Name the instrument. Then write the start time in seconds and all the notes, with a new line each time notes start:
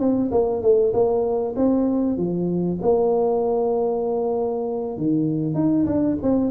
tuba
0.00 C4
0.32 A#3
0.62 A3
0.94 A#3
1.57 C4
2.18 F3
2.82 A#3
4.97 D#3
5.55 D#4
5.87 D4
6.23 C4